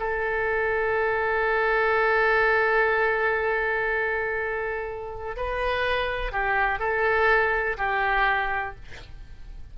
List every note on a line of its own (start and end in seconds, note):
0.00 5.37 A4
5.37 6.33 B4
6.33 6.80 G4
6.80 7.77 A4
7.78 8.76 G4